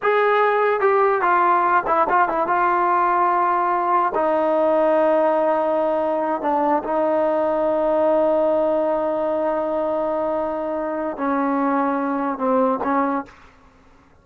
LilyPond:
\new Staff \with { instrumentName = "trombone" } { \time 4/4 \tempo 4 = 145 gis'2 g'4 f'4~ | f'8 e'8 f'8 e'8 f'2~ | f'2 dis'2~ | dis'2.~ dis'8 d'8~ |
d'8 dis'2.~ dis'8~ | dis'1~ | dis'2. cis'4~ | cis'2 c'4 cis'4 | }